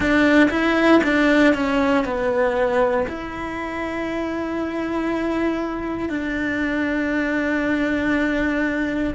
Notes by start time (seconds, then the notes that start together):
0.00 D4
0.50 E4
1.03 D4
1.53 C#4
2.04 B3
3.08 E4
6.09 D4